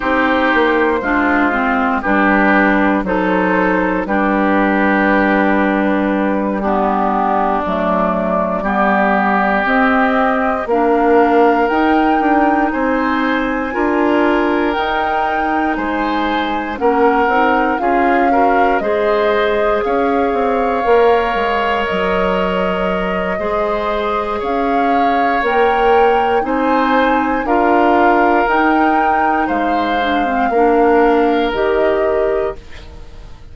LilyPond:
<<
  \new Staff \with { instrumentName = "flute" } { \time 4/4 \tempo 4 = 59 c''2 b'4 c''4 | b'2~ b'8 g'4 d''8~ | d''4. dis''4 f''4 g''8~ | g''8 gis''2 g''4 gis''8~ |
gis''8 fis''4 f''4 dis''4 f''8~ | f''4. dis''2~ dis''8 | f''4 g''4 gis''4 f''4 | g''4 f''2 dis''4 | }
  \new Staff \with { instrumentName = "oboe" } { \time 4/4 g'4 f'4 g'4 a'4 | g'2~ g'8 d'4.~ | d'8 g'2 ais'4.~ | ais'8 c''4 ais'2 c''8~ |
c''8 ais'4 gis'8 ais'8 c''4 cis''8~ | cis''2. c''4 | cis''2 c''4 ais'4~ | ais'4 c''4 ais'2 | }
  \new Staff \with { instrumentName = "clarinet" } { \time 4/4 dis'4 d'8 c'8 d'4 dis'4 | d'2~ d'8 b4 a8~ | a8 b4 c'4 d'4 dis'8~ | dis'4. f'4 dis'4.~ |
dis'8 cis'8 dis'8 f'8 fis'8 gis'4.~ | gis'8 ais'2~ ais'8 gis'4~ | gis'4 ais'4 dis'4 f'4 | dis'4. d'16 c'16 d'4 g'4 | }
  \new Staff \with { instrumentName = "bassoon" } { \time 4/4 c'8 ais8 gis4 g4 fis4 | g2.~ g8 fis8~ | fis8 g4 c'4 ais4 dis'8 | d'8 c'4 d'4 dis'4 gis8~ |
gis8 ais8 c'8 cis'4 gis4 cis'8 | c'8 ais8 gis8 fis4. gis4 | cis'4 ais4 c'4 d'4 | dis'4 gis4 ais4 dis4 | }
>>